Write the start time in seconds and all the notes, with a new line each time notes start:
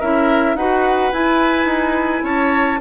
0.00 C#4 E4 A#4 E5
0.55 D#4 F#4 B4 F#5
1.12 E4 G#5
1.65 D#4
2.23 C#4 C#5 A5